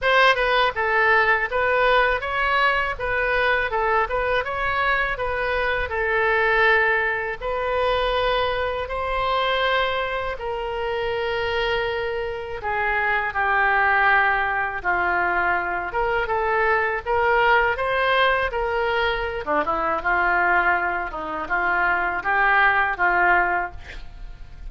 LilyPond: \new Staff \with { instrumentName = "oboe" } { \time 4/4 \tempo 4 = 81 c''8 b'8 a'4 b'4 cis''4 | b'4 a'8 b'8 cis''4 b'4 | a'2 b'2 | c''2 ais'2~ |
ais'4 gis'4 g'2 | f'4. ais'8 a'4 ais'4 | c''4 ais'4~ ais'16 d'16 e'8 f'4~ | f'8 dis'8 f'4 g'4 f'4 | }